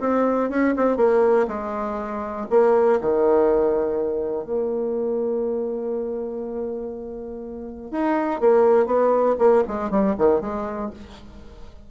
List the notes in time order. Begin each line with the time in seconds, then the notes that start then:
0.00 C4
0.50 C#4
0.76 C4
0.97 A#3
1.48 G#3
2.50 A#3
3.01 D#3
4.44 A#3
7.91 D#4
8.40 A#3
8.86 B3
9.39 A#3
9.68 G#3
9.90 G3
10.18 D#3
10.41 G#3